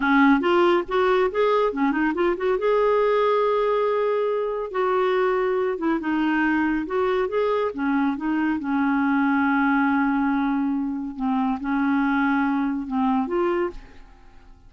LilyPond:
\new Staff \with { instrumentName = "clarinet" } { \time 4/4 \tempo 4 = 140 cis'4 f'4 fis'4 gis'4 | cis'8 dis'8 f'8 fis'8 gis'2~ | gis'2. fis'4~ | fis'4. e'8 dis'2 |
fis'4 gis'4 cis'4 dis'4 | cis'1~ | cis'2 c'4 cis'4~ | cis'2 c'4 f'4 | }